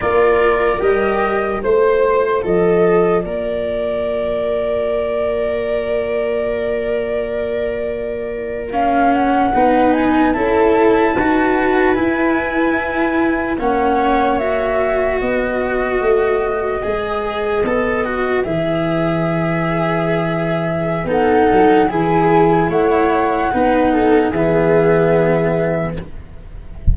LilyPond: <<
  \new Staff \with { instrumentName = "flute" } { \time 4/4 \tempo 4 = 74 d''4 dis''4 c''4 dis''4 | d''1~ | d''2~ d''8. f''8 fis''8.~ | fis''16 gis''8 a''2 gis''4~ gis''16~ |
gis''8. fis''4 e''4 dis''4~ dis''16~ | dis''2~ dis''8. e''4~ e''16~ | e''2 fis''4 gis''4 | fis''2 e''2 | }
  \new Staff \with { instrumentName = "viola" } { \time 4/4 ais'2 c''4 a'4 | ais'1~ | ais'2.~ ais'8. b'16~ | b'8. a'4 b'2~ b'16~ |
b'8. cis''2 b'4~ b'16~ | b'1~ | b'2 a'4 gis'4 | cis''4 b'8 a'8 gis'2 | }
  \new Staff \with { instrumentName = "cello" } { \time 4/4 f'4 g'4 f'2~ | f'1~ | f'2~ f'8. cis'4 dis'16~ | dis'8. e'4 fis'4 e'4~ e'16~ |
e'8. cis'4 fis'2~ fis'16~ | fis'8. gis'4 a'8 fis'8 gis'4~ gis'16~ | gis'2 dis'4 e'4~ | e'4 dis'4 b2 | }
  \new Staff \with { instrumentName = "tuba" } { \time 4/4 ais4 g4 a4 f4 | ais1~ | ais2.~ ais8. b16~ | b8. cis'4 dis'4 e'4~ e'16~ |
e'8. ais2 b4 a16~ | a8. gis4 b4 e4~ e16~ | e2 b8 fis8 e4 | a4 b4 e2 | }
>>